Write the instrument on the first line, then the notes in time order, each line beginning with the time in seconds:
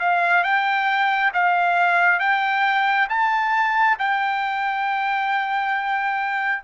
trumpet
0.00 F5
0.44 G5
1.34 F5
2.20 G5
3.10 A5
3.99 G5